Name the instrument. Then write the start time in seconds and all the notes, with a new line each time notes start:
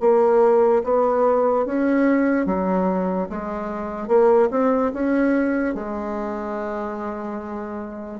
bassoon
0.00 A#3
0.84 B3
1.66 C#4
2.46 F#3
3.29 G#3
4.08 A#3
4.51 C4
4.93 C#4
5.75 G#3